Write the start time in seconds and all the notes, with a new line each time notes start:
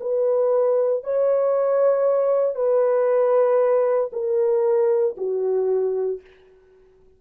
0.00 B4
1.03 C#5
2.55 B4
4.12 A#4
5.17 F#4